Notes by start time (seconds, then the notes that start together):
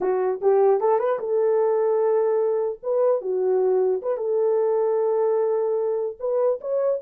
0.01 F#4
0.41 G4
0.80 A4
0.99 B4
1.19 A4
2.82 B4
3.21 F#4
4.02 B4
4.17 A4
6.19 B4
6.60 C#5